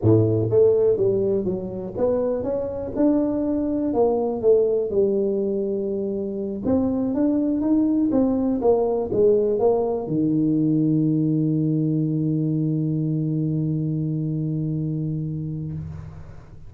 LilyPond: \new Staff \with { instrumentName = "tuba" } { \time 4/4 \tempo 4 = 122 a,4 a4 g4 fis4 | b4 cis'4 d'2 | ais4 a4 g2~ | g4. c'4 d'4 dis'8~ |
dis'8 c'4 ais4 gis4 ais8~ | ais8 dis2.~ dis8~ | dis1~ | dis1 | }